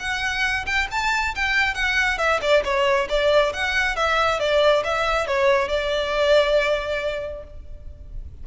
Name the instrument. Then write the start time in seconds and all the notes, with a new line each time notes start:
violin
0.00 F#5
0.66 G5
0.91 A5
1.35 G5
1.75 F#5
2.18 E5
2.42 D5
2.65 C#5
3.09 D5
3.53 F#5
3.96 E5
4.40 D5
4.84 E5
5.27 C#5
5.69 D5